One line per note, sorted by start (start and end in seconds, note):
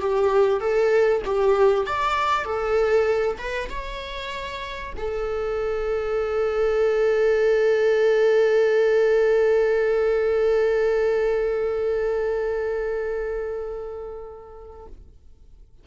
0.00 0.60 G4
0.60 1.22 A4
1.25 1.86 G4
1.86 2.44 D5
2.44 3.37 A4
3.38 3.69 B4
3.69 4.93 C#5
4.97 14.86 A4